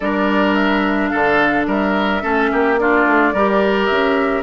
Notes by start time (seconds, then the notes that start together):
0.00 G3 D4 A#4 D5
0.54 E5
1.08 A4 F5
1.14 D3
1.66 G3 A#4 E5
2.21 A3 C#4 A4
2.52 A#3 G4
2.78 D4 F4 D5
3.06 A3
3.33 G3 G4 A#4
3.86 C#4 E5